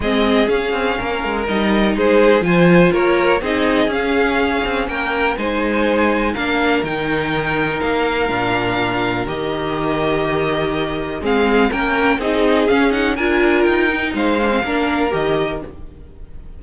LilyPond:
<<
  \new Staff \with { instrumentName = "violin" } { \time 4/4 \tempo 4 = 123 dis''4 f''2 dis''4 | c''4 gis''4 cis''4 dis''4 | f''2 g''4 gis''4~ | gis''4 f''4 g''2 |
f''2. dis''4~ | dis''2. f''4 | g''4 dis''4 f''8 fis''8 gis''4 | g''4 f''2 dis''4 | }
  \new Staff \with { instrumentName = "violin" } { \time 4/4 gis'2 ais'2 | gis'4 c''4 ais'4 gis'4~ | gis'2 ais'4 c''4~ | c''4 ais'2.~ |
ais'1~ | ais'2. gis'4 | ais'4 gis'2 ais'4~ | ais'4 c''4 ais'2 | }
  \new Staff \with { instrumentName = "viola" } { \time 4/4 c'4 cis'2 dis'4~ | dis'4 f'2 dis'4 | cis'2. dis'4~ | dis'4 d'4 dis'2~ |
dis'4 d'2 g'4~ | g'2. c'4 | cis'4 dis'4 cis'8 dis'8 f'4~ | f'8 dis'4 d'16 c'16 d'4 g'4 | }
  \new Staff \with { instrumentName = "cello" } { \time 4/4 gis4 cis'8 c'8 ais8 gis8 g4 | gis4 f4 ais4 c'4 | cis'4. c'8 ais4 gis4~ | gis4 ais4 dis2 |
ais4 ais,2 dis4~ | dis2. gis4 | ais4 c'4 cis'4 d'4 | dis'4 gis4 ais4 dis4 | }
>>